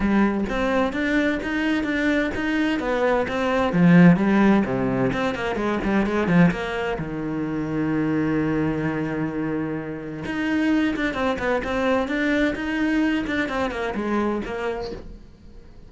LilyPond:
\new Staff \with { instrumentName = "cello" } { \time 4/4 \tempo 4 = 129 g4 c'4 d'4 dis'4 | d'4 dis'4 b4 c'4 | f4 g4 c4 c'8 ais8 | gis8 g8 gis8 f8 ais4 dis4~ |
dis1~ | dis2 dis'4. d'8 | c'8 b8 c'4 d'4 dis'4~ | dis'8 d'8 c'8 ais8 gis4 ais4 | }